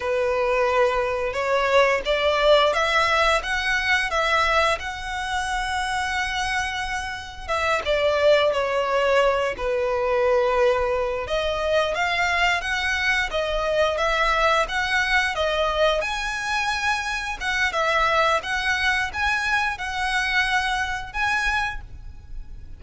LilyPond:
\new Staff \with { instrumentName = "violin" } { \time 4/4 \tempo 4 = 88 b'2 cis''4 d''4 | e''4 fis''4 e''4 fis''4~ | fis''2. e''8 d''8~ | d''8 cis''4. b'2~ |
b'8 dis''4 f''4 fis''4 dis''8~ | dis''8 e''4 fis''4 dis''4 gis''8~ | gis''4. fis''8 e''4 fis''4 | gis''4 fis''2 gis''4 | }